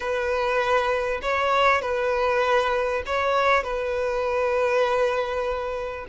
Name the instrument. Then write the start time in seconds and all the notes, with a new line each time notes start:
violin
0.00 B4
1.22 C#5
1.81 B4
3.06 C#5
3.63 B4